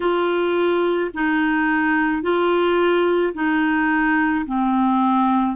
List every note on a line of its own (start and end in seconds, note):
0.00 1.11 F4
1.14 2.22 D#4
2.22 3.33 F4
3.34 4.45 D#4
4.45 5.56 C4